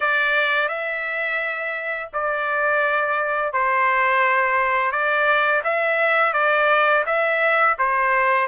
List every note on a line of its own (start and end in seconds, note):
0.00 0.68 D5
0.68 2.09 E5
2.13 3.53 D5
3.53 4.91 C5
4.91 5.62 D5
5.64 6.33 E5
6.33 7.04 D5
7.06 7.76 E5
7.78 8.47 C5